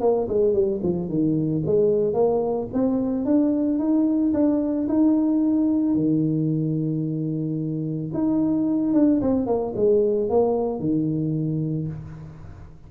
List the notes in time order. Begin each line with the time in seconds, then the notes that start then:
0.00 A#3
0.28 G#3
0.53 G3
0.82 F3
1.08 D#3
1.66 G#3
2.13 A#3
2.73 C4
3.25 D4
3.78 D#4
4.33 D4
4.88 D#4
5.95 D#3
8.13 D#4
8.93 D4
9.21 C4
9.46 A#3
9.75 G#3
10.29 A#3
10.79 D#3